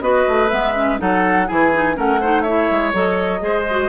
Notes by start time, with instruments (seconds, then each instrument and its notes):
0.00 bassoon B3, clarinet F#4, oboe B4, flute D#5
0.27 bassoon A3
0.49 bassoon G#3, clarinet B3, flute E5
0.74 clarinet C#4
0.98 bassoon F#3, clarinet D#4, oboe A4, flute F#5
1.47 bassoon E3, clarinet E4, oboe G#4, flute G#5
1.74 clarinet D#4
1.94 bassoon A3, clarinet C#4, oboe A#4, flute F#5
2.20 clarinet D#4, oboe C5
2.41 clarinet E4, oboe C#5, flute E5
2.70 bassoon G#3
2.93 bassoon F#3, clarinet A4, flute D#5
3.39 bassoon G#3, clarinet G#4, oboe C5
3.70 clarinet F#4